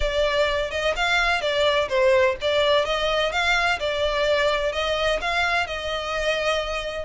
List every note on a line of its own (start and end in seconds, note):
0.00 0.70 D5
0.70 0.94 D#5
0.96 1.41 F5
1.41 1.88 D5
1.89 2.36 C5
2.41 2.85 D5
2.85 3.32 D#5
3.32 3.79 F5
3.79 4.72 D5
4.72 5.19 D#5
5.21 5.66 F5
5.66 7.05 D#5